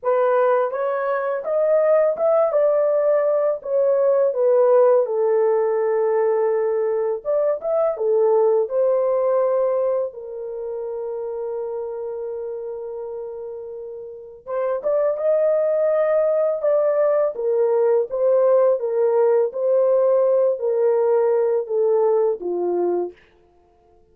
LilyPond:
\new Staff \with { instrumentName = "horn" } { \time 4/4 \tempo 4 = 83 b'4 cis''4 dis''4 e''8 d''8~ | d''4 cis''4 b'4 a'4~ | a'2 d''8 e''8 a'4 | c''2 ais'2~ |
ais'1 | c''8 d''8 dis''2 d''4 | ais'4 c''4 ais'4 c''4~ | c''8 ais'4. a'4 f'4 | }